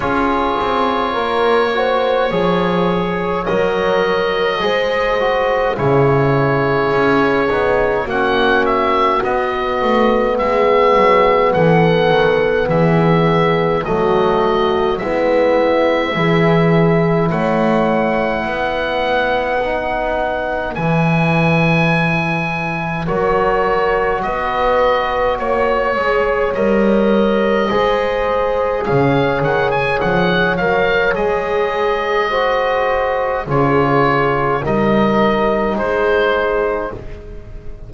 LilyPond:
<<
  \new Staff \with { instrumentName = "oboe" } { \time 4/4 \tempo 4 = 52 cis''2. dis''4~ | dis''4 cis''2 fis''8 e''8 | dis''4 e''4 fis''4 e''4 | dis''4 e''2 fis''4~ |
fis''2 gis''2 | cis''4 dis''4 cis''4 dis''4~ | dis''4 f''8 fis''16 gis''16 fis''8 f''8 dis''4~ | dis''4 cis''4 dis''4 c''4 | }
  \new Staff \with { instrumentName = "horn" } { \time 4/4 gis'4 ais'8 c''8 cis''2 | c''4 gis'2 fis'4~ | fis'4 gis'4 a'4 gis'4 | fis'4 e'4 gis'4 cis''4 |
b'1 | ais'4 b'4 cis''2 | c''4 cis''2. | c''4 gis'4 ais'4 gis'4 | }
  \new Staff \with { instrumentName = "trombone" } { \time 4/4 f'4. fis'8 gis'4 ais'4 | gis'8 fis'8 e'4. dis'8 cis'4 | b1 | a4 b4 e'2~ |
e'4 dis'4 e'2 | fis'2~ fis'8 gis'8 ais'4 | gis'2~ gis'8 ais'8 gis'4 | fis'4 f'4 dis'2 | }
  \new Staff \with { instrumentName = "double bass" } { \time 4/4 cis'8 c'8 ais4 f4 fis4 | gis4 cis4 cis'8 b8 ais4 | b8 a8 gis8 fis8 e8 dis8 e4 | fis4 gis4 e4 a4 |
b2 e2 | fis4 b4 ais8 gis8 g4 | gis4 cis8 dis8 f8 fis8 gis4~ | gis4 cis4 g4 gis4 | }
>>